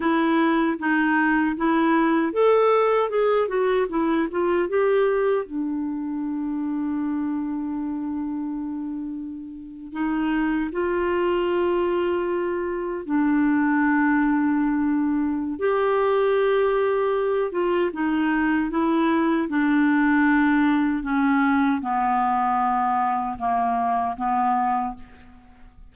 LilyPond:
\new Staff \with { instrumentName = "clarinet" } { \time 4/4 \tempo 4 = 77 e'4 dis'4 e'4 a'4 | gis'8 fis'8 e'8 f'8 g'4 d'4~ | d'1~ | d'8. dis'4 f'2~ f'16~ |
f'8. d'2.~ d'16 | g'2~ g'8 f'8 dis'4 | e'4 d'2 cis'4 | b2 ais4 b4 | }